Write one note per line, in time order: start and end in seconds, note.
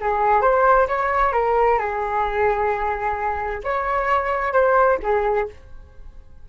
0.00 0.42 G#4
0.42 0.87 C5
0.88 1.33 C#5
1.33 1.79 A#4
1.79 3.62 G#4
3.64 4.53 C#5
4.53 4.99 C5
5.03 5.48 G#4